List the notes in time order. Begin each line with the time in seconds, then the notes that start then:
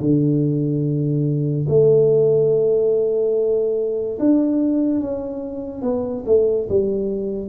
0.00 D3
1.69 A3
4.19 D4
5.00 C#4
5.83 B3
6.26 A3
6.69 G3